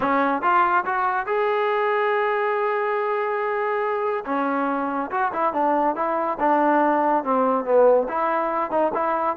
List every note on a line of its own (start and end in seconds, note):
0.00 0.42 C#4
0.42 0.84 F4
0.85 1.26 F#4
1.26 4.24 G#4
4.25 5.10 C#4
5.10 5.32 F#4
5.32 5.53 E4
5.53 5.95 D4
5.95 6.38 E4
6.39 7.23 D4
7.23 7.64 C4
7.64 8.07 B3
8.08 8.70 E4
8.70 8.92 D#4
8.94 9.36 E4